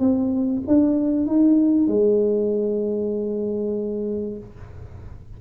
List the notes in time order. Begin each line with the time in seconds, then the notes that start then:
0.00 C4
0.68 D4
1.27 D#4
1.88 G#3